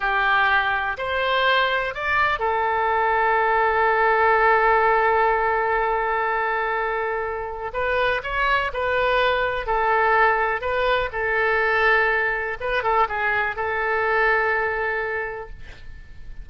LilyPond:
\new Staff \with { instrumentName = "oboe" } { \time 4/4 \tempo 4 = 124 g'2 c''2 | d''4 a'2.~ | a'1~ | a'1 |
b'4 cis''4 b'2 | a'2 b'4 a'4~ | a'2 b'8 a'8 gis'4 | a'1 | }